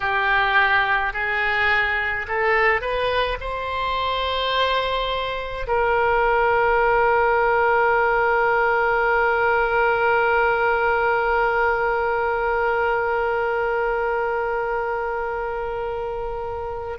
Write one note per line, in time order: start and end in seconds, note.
0.00 1.13 G4
1.13 2.26 G#4
2.27 2.80 A4
2.80 3.37 B4
3.40 5.67 C5
5.67 16.98 A#4